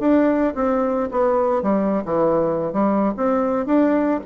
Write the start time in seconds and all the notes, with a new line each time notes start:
0.00 D4
0.56 C4
1.12 B3
1.63 G3
2.06 E3
2.73 G3
3.17 C4
3.66 D4